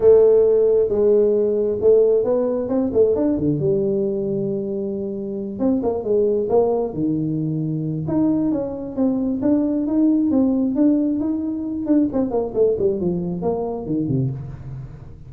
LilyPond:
\new Staff \with { instrumentName = "tuba" } { \time 4/4 \tempo 4 = 134 a2 gis2 | a4 b4 c'8 a8 d'8 d8 | g1~ | g8 c'8 ais8 gis4 ais4 dis8~ |
dis2 dis'4 cis'4 | c'4 d'4 dis'4 c'4 | d'4 dis'4. d'8 c'8 ais8 | a8 g8 f4 ais4 dis8 c8 | }